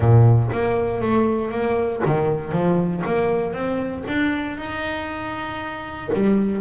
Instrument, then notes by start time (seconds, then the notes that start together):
double bass
0.00 A#2
0.52 A#3
1.01 A3
1.51 A#3
2.05 D#3
2.52 F3
3.05 A#3
3.53 C4
4.07 D4
4.57 D#4
6.13 G3